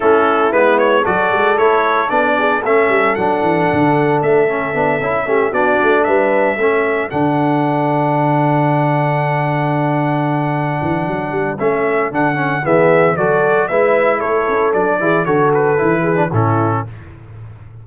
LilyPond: <<
  \new Staff \with { instrumentName = "trumpet" } { \time 4/4 \tempo 4 = 114 a'4 b'8 cis''8 d''4 cis''4 | d''4 e''4 fis''2 | e''2~ e''8 d''4 e''8~ | e''4. fis''2~ fis''8~ |
fis''1~ | fis''2 e''4 fis''4 | e''4 d''4 e''4 cis''4 | d''4 cis''8 b'4. a'4 | }
  \new Staff \with { instrumentName = "horn" } { \time 4/4 e'2 a'2~ | a'8 gis'8 a'2.~ | a'2 g'8 fis'4 b'8~ | b'8 a'2.~ a'8~ |
a'1~ | a'1 | gis'4 a'4 b'4 a'4~ | a'8 gis'8 a'4. gis'8 e'4 | }
  \new Staff \with { instrumentName = "trombone" } { \time 4/4 cis'4 b4 fis'4 e'4 | d'4 cis'4 d'2~ | d'8 cis'8 d'8 e'8 cis'8 d'4.~ | d'8 cis'4 d'2~ d'8~ |
d'1~ | d'2 cis'4 d'8 cis'8 | b4 fis'4 e'2 | d'8 e'8 fis'4 e'8. d'16 cis'4 | }
  \new Staff \with { instrumentName = "tuba" } { \time 4/4 a4 gis4 fis8 gis8 a4 | b4 a8 g8 fis8 e8 d4 | a4 b8 cis'8 a8 b8 a8 g8~ | g8 a4 d2~ d8~ |
d1~ | d8 e8 fis8 g8 a4 d4 | e4 fis4 gis4 a8 cis'8 | fis8 e8 d4 e4 a,4 | }
>>